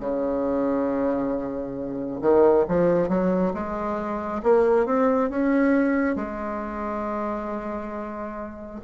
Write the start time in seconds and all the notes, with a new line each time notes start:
0.00 C#3
2.21 D#3
2.68 F3
3.08 F#3
3.54 G#3
4.43 A#3
4.86 C4
5.30 C#4
6.16 G#3